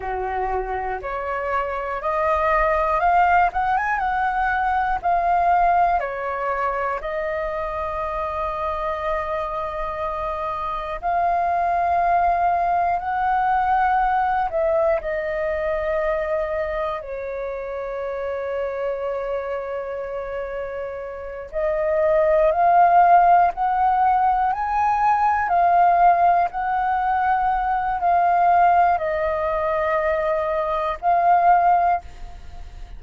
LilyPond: \new Staff \with { instrumentName = "flute" } { \time 4/4 \tempo 4 = 60 fis'4 cis''4 dis''4 f''8 fis''16 gis''16 | fis''4 f''4 cis''4 dis''4~ | dis''2. f''4~ | f''4 fis''4. e''8 dis''4~ |
dis''4 cis''2.~ | cis''4. dis''4 f''4 fis''8~ | fis''8 gis''4 f''4 fis''4. | f''4 dis''2 f''4 | }